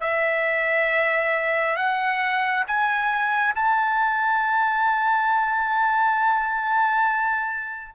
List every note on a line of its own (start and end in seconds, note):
0.00 1.76 E5
1.76 2.64 F#5
2.67 3.54 G#5
3.54 7.95 A5